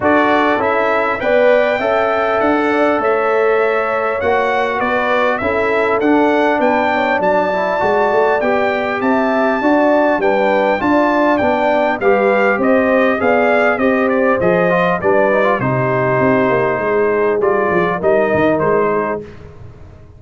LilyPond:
<<
  \new Staff \with { instrumentName = "trumpet" } { \time 4/4 \tempo 4 = 100 d''4 e''4 g''2 | fis''4 e''2 fis''4 | d''4 e''4 fis''4 g''4 | a''2 g''4 a''4~ |
a''4 g''4 a''4 g''4 | f''4 dis''4 f''4 dis''8 d''8 | dis''4 d''4 c''2~ | c''4 d''4 dis''4 c''4 | }
  \new Staff \with { instrumentName = "horn" } { \time 4/4 a'2 d''4 e''4~ | e''16 d'16 d''8 cis''2. | b'4 a'2 b'8 cis''8 | d''2. e''4 |
d''4 b'4 d''2 | b'4 c''4 d''4 c''4~ | c''4 b'4 g'2 | gis'2 ais'4. gis'8 | }
  \new Staff \with { instrumentName = "trombone" } { \time 4/4 fis'4 e'4 b'4 a'4~ | a'2. fis'4~ | fis'4 e'4 d'2~ | d'8 e'8 fis'4 g'2 |
fis'4 d'4 f'4 d'4 | g'2 gis'4 g'4 | gis'8 f'8 d'8 dis'16 f'16 dis'2~ | dis'4 f'4 dis'2 | }
  \new Staff \with { instrumentName = "tuba" } { \time 4/4 d'4 cis'4 b4 cis'4 | d'4 a2 ais4 | b4 cis'4 d'4 b4 | fis4 gis8 a8 b4 c'4 |
d'4 g4 d'4 b4 | g4 c'4 b4 c'4 | f4 g4 c4 c'8 ais8 | gis4 g8 f8 g8 dis8 gis4 | }
>>